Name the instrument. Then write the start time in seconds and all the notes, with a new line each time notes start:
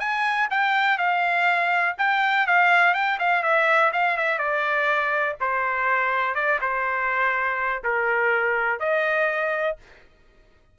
trumpet
0.00 G#5
0.51 G5
0.98 F5
1.99 G5
2.47 F5
2.94 G5
3.20 F5
3.43 E5
3.93 F5
4.18 E5
4.39 D5
5.41 C5
6.35 D5
6.61 C5
7.84 A#4
8.80 D#5